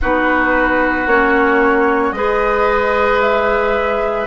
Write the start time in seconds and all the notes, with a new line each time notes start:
0.01 B3 D#4 F#4 B4
1.06 A#3 C#4 C#5
2.12 G#3 G#4 B4 D#5
3.20 E5